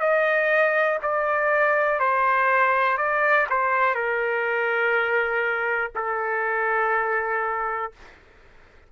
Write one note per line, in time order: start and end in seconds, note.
0.00 0.98 D#5
1.02 1.99 D5
1.99 2.97 C5
2.97 3.46 D5
3.50 3.94 C5
3.94 5.91 A#4
5.95 7.92 A4